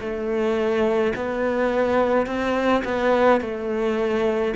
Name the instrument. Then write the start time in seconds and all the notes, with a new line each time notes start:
cello
0.00 A3
1.15 B3
2.26 C4
2.84 B3
3.41 A3